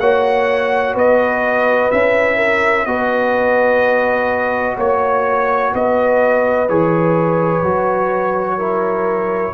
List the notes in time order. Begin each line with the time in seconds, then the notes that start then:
0.00 A#3 F#4 C#5 F#5
0.95 B3 B4 D#5
1.91 C#4 E4 E5
2.37 A#4
2.86 B3 F#4 B4 D#5
4.77 A#3 C#5
5.73 B3 B4 D#5
6.69 E3 G#4 C#5
7.62 F#3 F#4
8.57 E4 A#4